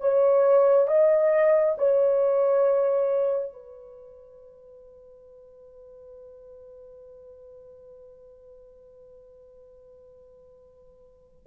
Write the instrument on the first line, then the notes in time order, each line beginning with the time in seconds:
horn
0.00 C#5
0.87 D#5
1.78 C#5
3.53 B4